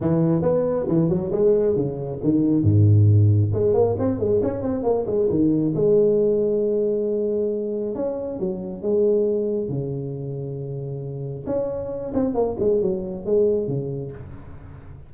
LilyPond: \new Staff \with { instrumentName = "tuba" } { \time 4/4 \tempo 4 = 136 e4 b4 e8 fis8 gis4 | cis4 dis4 gis,2 | gis8 ais8 c'8 gis8 cis'8 c'8 ais8 gis8 | dis4 gis2.~ |
gis2 cis'4 fis4 | gis2 cis2~ | cis2 cis'4. c'8 | ais8 gis8 fis4 gis4 cis4 | }